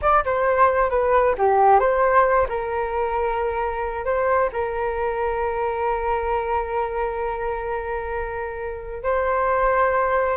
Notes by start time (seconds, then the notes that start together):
0.01 D5
0.24 C5
0.90 B4
1.38 G4
1.79 C5
2.48 A#4
4.04 C5
4.52 A#4
9.03 C5